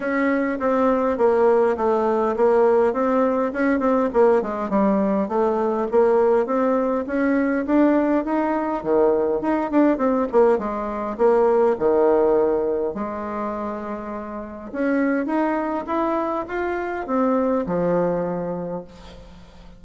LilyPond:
\new Staff \with { instrumentName = "bassoon" } { \time 4/4 \tempo 4 = 102 cis'4 c'4 ais4 a4 | ais4 c'4 cis'8 c'8 ais8 gis8 | g4 a4 ais4 c'4 | cis'4 d'4 dis'4 dis4 |
dis'8 d'8 c'8 ais8 gis4 ais4 | dis2 gis2~ | gis4 cis'4 dis'4 e'4 | f'4 c'4 f2 | }